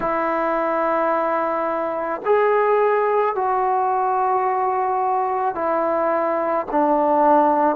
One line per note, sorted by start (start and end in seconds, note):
0.00 2.21 E4
2.25 3.35 G#4
3.35 5.55 F#4
5.55 6.66 E4
6.71 7.75 D4